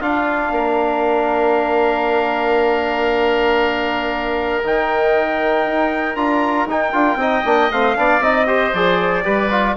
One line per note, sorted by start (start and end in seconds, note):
0.00 0.51 D4
0.00 4.63 D4
0.00 0.51 F4
0.00 4.64 F5
0.51 4.62 A#3
0.51 7.20 A#4
4.64 5.66 D#3
4.64 6.16 D#4
4.64 6.15 G5
5.66 6.15 D#4
6.15 6.66 D4
6.15 6.67 F4
6.15 6.67 A#5
6.66 6.92 D#4
6.66 6.93 D#4
6.66 7.72 G5
6.93 7.15 D4
6.93 7.18 F4
7.15 7.41 C4
7.15 7.45 D#4
7.15 7.97 D#5
7.45 7.70 A#3
7.45 7.71 D4
7.71 7.96 A3
7.71 7.95 C4
7.71 8.23 F5
7.95 8.20 B3
7.95 8.21 D4
7.95 8.47 D5
8.20 8.71 C4
8.20 8.46 D#4
8.20 8.74 D#5
8.46 8.72 G4
8.46 9.24 C5
8.73 9.24 F3
8.73 9.23 G#4
8.73 9.76 D5
9.23 9.76 G3
9.23 9.48 G4
9.23 9.76 B4
9.50 9.76 F4